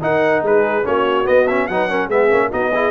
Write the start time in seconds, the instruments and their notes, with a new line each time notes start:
0.00 trombone D#4, tuba D#4, horn A#4, trumpet F#5
0.42 tuba G#3, horn G#4, trumpet B4
0.83 tuba A#3, trombone C#4, horn F#4, trumpet C#5
1.24 trombone B3, tuba B3, trumpet D#5
1.47 trombone C#4, trumpet E5
1.67 tuba F#3, trombone D#4, horn B4, trumpet F#5
1.89 trombone C#4, horn A#4
2.06 tuba G#3, trombone B3, horn G#4, trumpet E5
2.30 tuba A#3, trombone C#4
2.51 tuba B3, trombone D#4, horn F#4, trumpet D#5
2.74 trombone E4, horn G#4